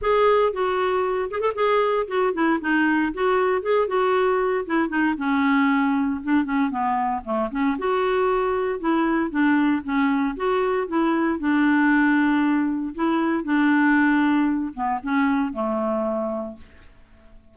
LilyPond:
\new Staff \with { instrumentName = "clarinet" } { \time 4/4 \tempo 4 = 116 gis'4 fis'4. gis'16 a'16 gis'4 | fis'8 e'8 dis'4 fis'4 gis'8 fis'8~ | fis'4 e'8 dis'8 cis'2 | d'8 cis'8 b4 a8 cis'8 fis'4~ |
fis'4 e'4 d'4 cis'4 | fis'4 e'4 d'2~ | d'4 e'4 d'2~ | d'8 b8 cis'4 a2 | }